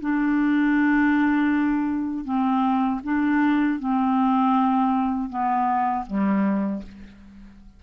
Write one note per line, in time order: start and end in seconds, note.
0.00 2.24 D4
2.24 3.00 C4
3.03 3.79 D4
3.79 5.29 C4
5.29 6.05 B3
6.07 6.83 G3